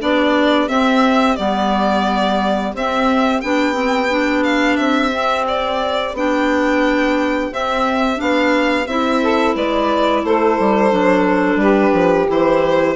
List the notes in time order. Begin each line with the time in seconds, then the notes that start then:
0.00 B3 D4 G4 D5
0.68 C4 E5
1.36 G3 B3 D5
2.74 C4 E5
3.41 B3 D4 G5
3.73 C4
4.10 D4
4.44 F5
4.76 C4 E5
5.11 C4
5.47 D5
6.13 B3 D4 G5
7.51 C4 E5
8.16 B3 D4 F5
8.87 C4 E4 E5
9.22 A4
9.55 G#3 B4 D5
10.24 A3 A4 C5
10.59 G3
10.90 F#3 D4
11.56 G3 G4 B4
11.93 F3
12.27 E3 E4 C5